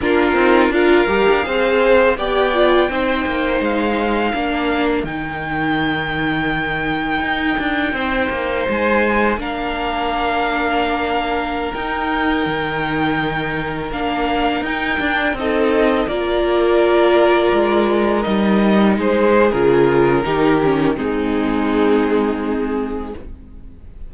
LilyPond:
<<
  \new Staff \with { instrumentName = "violin" } { \time 4/4 \tempo 4 = 83 ais'4 f''2 g''4~ | g''4 f''2 g''4~ | g''1 | gis''4 f''2.~ |
f''16 g''2. f''8.~ | f''16 g''4 dis''4 d''4.~ d''16~ | d''4~ d''16 dis''4 c''8. ais'4~ | ais'4 gis'2. | }
  \new Staff \with { instrumentName = "violin" } { \time 4/4 f'4 ais'4 c''4 d''4 | c''2 ais'2~ | ais'2. c''4~ | c''4 ais'2.~ |
ais'1~ | ais'4~ ais'16 a'4 ais'4.~ ais'16~ | ais'2~ ais'16 gis'4.~ gis'16 | g'4 dis'2. | }
  \new Staff \with { instrumentName = "viola" } { \time 4/4 d'8 dis'8 f'8 g'8 gis'4 g'8 f'8 | dis'2 d'4 dis'4~ | dis'1~ | dis'4 d'2.~ |
d'16 dis'2. d'8.~ | d'16 dis'8 d'8 dis'4 f'4.~ f'16~ | f'4~ f'16 dis'4.~ dis'16 f'4 | dis'8 cis'8 c'2. | }
  \new Staff \with { instrumentName = "cello" } { \time 4/4 ais8 c'8 d'8 g16 d'16 c'4 b4 | c'8 ais8 gis4 ais4 dis4~ | dis2 dis'8 d'8 c'8 ais8 | gis4 ais2.~ |
ais16 dis'4 dis2 ais8.~ | ais16 dis'8 d'8 c'4 ais4.~ ais16~ | ais16 gis4 g4 gis8. cis4 | dis4 gis2. | }
>>